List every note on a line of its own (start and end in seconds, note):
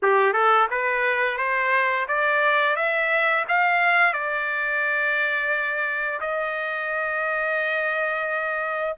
0.02 0.33 G4
0.33 0.67 A4
0.70 1.37 B4
1.37 2.06 C5
2.08 2.76 D5
2.76 3.45 E5
3.48 4.13 F5
4.13 6.19 D5
6.20 8.96 D#5